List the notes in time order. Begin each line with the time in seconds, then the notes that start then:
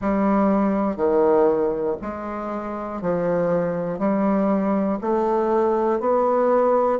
0.00 G3
0.96 D#3
2.01 G#3
3.01 F3
3.98 G3
5.01 A3
6.00 B3